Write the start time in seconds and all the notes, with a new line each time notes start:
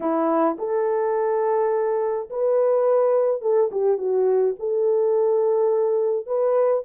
0.00 E4
0.58 A4
2.30 B4
3.41 A4
3.71 G4
3.97 F#4
4.59 A4
6.26 B4